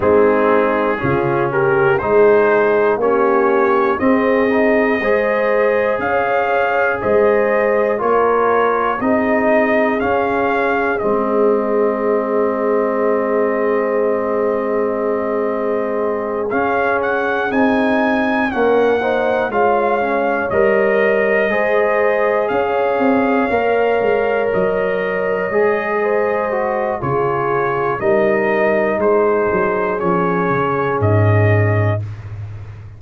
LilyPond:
<<
  \new Staff \with { instrumentName = "trumpet" } { \time 4/4 \tempo 4 = 60 gis'4. ais'8 c''4 cis''4 | dis''2 f''4 dis''4 | cis''4 dis''4 f''4 dis''4~ | dis''1~ |
dis''8 f''8 fis''8 gis''4 fis''4 f''8~ | f''8 dis''2 f''4.~ | f''8 dis''2~ dis''8 cis''4 | dis''4 c''4 cis''4 dis''4 | }
  \new Staff \with { instrumentName = "horn" } { \time 4/4 dis'4 f'8 g'8 gis'4 g'4 | gis'4 c''4 cis''4 c''4 | ais'4 gis'2.~ | gis'1~ |
gis'2~ gis'8 ais'8 c''8 cis''8~ | cis''4. c''4 cis''4.~ | cis''2 c''4 gis'4 | ais'4 gis'2. | }
  \new Staff \with { instrumentName = "trombone" } { \time 4/4 c'4 cis'4 dis'4 cis'4 | c'8 dis'8 gis'2. | f'4 dis'4 cis'4 c'4~ | c'1~ |
c'8 cis'4 dis'4 cis'8 dis'8 f'8 | cis'8 ais'4 gis'2 ais'8~ | ais'4. gis'4 fis'8 f'4 | dis'2 cis'2 | }
  \new Staff \with { instrumentName = "tuba" } { \time 4/4 gis4 cis4 gis4 ais4 | c'4 gis4 cis'4 gis4 | ais4 c'4 cis'4 gis4~ | gis1~ |
gis8 cis'4 c'4 ais4 gis8~ | gis8 g4 gis4 cis'8 c'8 ais8 | gis8 fis4 gis4. cis4 | g4 gis8 fis8 f8 cis8 gis,4 | }
>>